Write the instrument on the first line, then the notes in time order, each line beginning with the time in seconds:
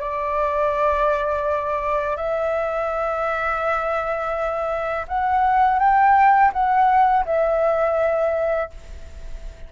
flute
0.00 D5
2.16 E5
5.07 F#5
5.79 G5
6.53 F#5
7.25 E5